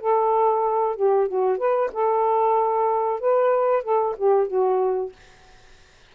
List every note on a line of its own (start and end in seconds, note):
0.00 0.96 A4
0.96 1.28 G4
1.28 1.58 F#4
1.58 1.90 B4
1.92 3.20 A4
3.20 3.83 B4
3.83 4.15 A4
4.17 4.48 G4
4.48 5.12 F#4